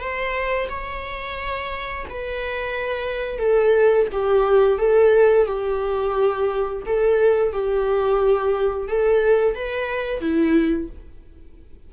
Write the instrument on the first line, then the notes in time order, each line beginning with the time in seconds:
viola
0.00 C5
0.69 C#5
2.10 B4
3.39 A4
4.12 G4
4.79 A4
5.46 G4
6.86 A4
7.53 G4
8.88 A4
9.55 B4
10.21 E4